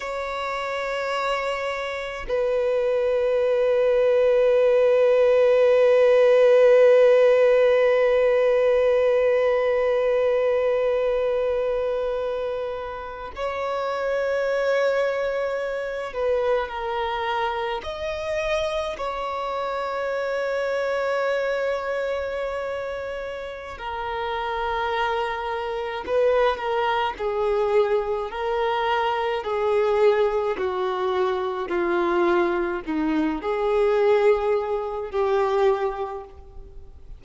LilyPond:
\new Staff \with { instrumentName = "violin" } { \time 4/4 \tempo 4 = 53 cis''2 b'2~ | b'1~ | b'2.~ b'8. cis''16~ | cis''2~ cis''16 b'8 ais'4 dis''16~ |
dis''8. cis''2.~ cis''16~ | cis''4 ais'2 b'8 ais'8 | gis'4 ais'4 gis'4 fis'4 | f'4 dis'8 gis'4. g'4 | }